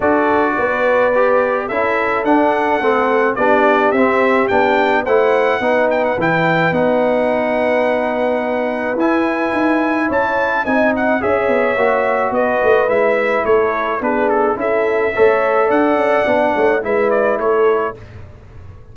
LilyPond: <<
  \new Staff \with { instrumentName = "trumpet" } { \time 4/4 \tempo 4 = 107 d''2. e''4 | fis''2 d''4 e''4 | g''4 fis''4. g''16 fis''16 g''4 | fis''1 |
gis''2 a''4 gis''8 fis''8 | e''2 dis''4 e''4 | cis''4 b'8 a'8 e''2 | fis''2 e''8 d''8 cis''4 | }
  \new Staff \with { instrumentName = "horn" } { \time 4/4 a'4 b'2 a'4~ | a'2 g'2~ | g'4 c''4 b'2~ | b'1~ |
b'2 cis''4 dis''4 | cis''2 b'2 | a'4 gis'4 a'4 cis''4 | d''4. cis''8 b'4 a'4 | }
  \new Staff \with { instrumentName = "trombone" } { \time 4/4 fis'2 g'4 e'4 | d'4 c'4 d'4 c'4 | d'4 e'4 dis'4 e'4 | dis'1 |
e'2. dis'4 | gis'4 fis'2 e'4~ | e'4 d'4 e'4 a'4~ | a'4 d'4 e'2 | }
  \new Staff \with { instrumentName = "tuba" } { \time 4/4 d'4 b2 cis'4 | d'4 a4 b4 c'4 | b4 a4 b4 e4 | b1 |
e'4 dis'4 cis'4 c'4 | cis'8 b8 ais4 b8 a8 gis4 | a4 b4 cis'4 a4 | d'8 cis'8 b8 a8 gis4 a4 | }
>>